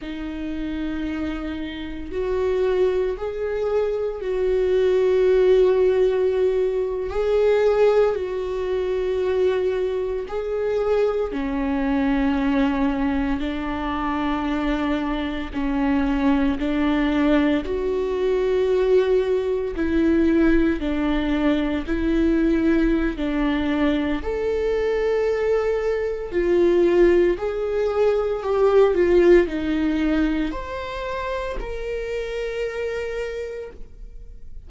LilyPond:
\new Staff \with { instrumentName = "viola" } { \time 4/4 \tempo 4 = 57 dis'2 fis'4 gis'4 | fis'2~ fis'8. gis'4 fis'16~ | fis'4.~ fis'16 gis'4 cis'4~ cis'16~ | cis'8. d'2 cis'4 d'16~ |
d'8. fis'2 e'4 d'16~ | d'8. e'4~ e'16 d'4 a'4~ | a'4 f'4 gis'4 g'8 f'8 | dis'4 c''4 ais'2 | }